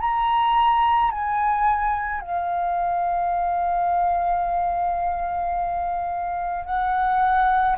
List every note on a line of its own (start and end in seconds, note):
0.00 1.11 A#5
1.11 2.21 G#5
2.21 6.65 F5
6.65 7.76 F#5